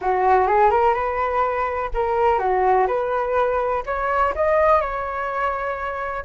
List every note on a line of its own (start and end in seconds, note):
0.01 0.47 F#4
0.47 0.70 G#4
0.70 0.93 A#4
0.93 1.89 B4
1.94 2.38 A#4
2.38 2.86 F#4
2.87 3.83 B4
3.86 4.34 C#5
4.35 4.80 D#5
4.80 6.24 C#5